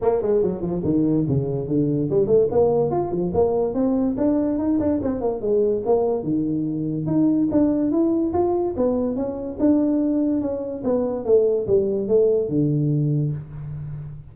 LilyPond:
\new Staff \with { instrumentName = "tuba" } { \time 4/4 \tempo 4 = 144 ais8 gis8 fis8 f8 dis4 cis4 | d4 g8 a8 ais4 f'8 f8 | ais4 c'4 d'4 dis'8 d'8 | c'8 ais8 gis4 ais4 dis4~ |
dis4 dis'4 d'4 e'4 | f'4 b4 cis'4 d'4~ | d'4 cis'4 b4 a4 | g4 a4 d2 | }